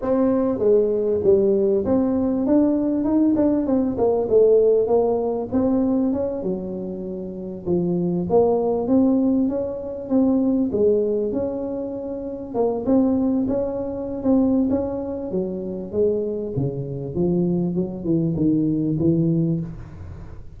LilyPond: \new Staff \with { instrumentName = "tuba" } { \time 4/4 \tempo 4 = 98 c'4 gis4 g4 c'4 | d'4 dis'8 d'8 c'8 ais8 a4 | ais4 c'4 cis'8 fis4.~ | fis8 f4 ais4 c'4 cis'8~ |
cis'8 c'4 gis4 cis'4.~ | cis'8 ais8 c'4 cis'4~ cis'16 c'8. | cis'4 fis4 gis4 cis4 | f4 fis8 e8 dis4 e4 | }